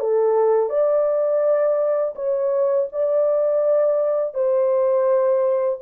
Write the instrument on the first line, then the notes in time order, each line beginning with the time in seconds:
horn
0.00 A4
0.70 D5
2.15 C#5
2.92 D5
4.34 C5